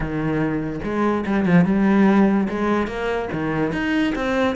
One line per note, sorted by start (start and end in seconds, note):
0.00 0.80 D#3
0.83 1.25 G#3
1.25 1.45 G3
1.45 1.65 F3
1.65 2.47 G3
2.48 2.87 G#3
2.87 3.28 A#3
3.32 3.72 D#3
3.72 4.13 D#4
4.15 4.55 C4